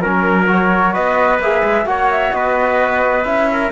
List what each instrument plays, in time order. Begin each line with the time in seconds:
0.00 cello F#3, trombone C#4, flute A#4, trumpet A#4
0.47 trombone F#4, flute C#5
0.93 cello B3, trumpet B4, flute D#5
1.39 cello A#3, trombone G#4, flute E5
1.62 cello G#3
1.85 cello A#3, trombone F#4, trumpet C#5, flute F#5
2.10 flute E5
2.32 cello B3, trumpet B4, flute D#5
3.24 cello C#4, trombone E4, flute E5
3.52 trumpet A#4